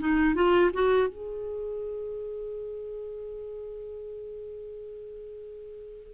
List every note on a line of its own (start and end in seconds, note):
0.00 0.35 D#4
0.35 0.71 F4
0.74 1.08 F#4
1.08 6.14 G#4